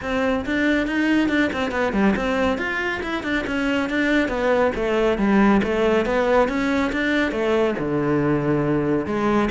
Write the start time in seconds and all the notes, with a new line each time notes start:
0.02 C4
0.45 D4
0.86 D#4
1.29 D4
1.52 C4
1.71 B3
1.92 G3
2.16 C4
2.58 F4
3.02 E4
3.23 D4
3.46 C#4
3.89 D4
4.28 B3
4.75 A3
5.18 G3
5.63 A3
6.05 B3
6.48 C#4
6.92 D4
7.31 A3
7.78 D3
9.05 G#3